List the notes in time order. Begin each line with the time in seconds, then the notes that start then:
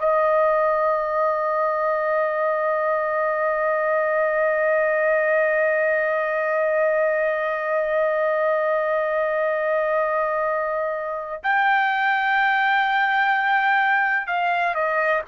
0.00 D#5
11.44 G5
14.27 F5
14.75 D#5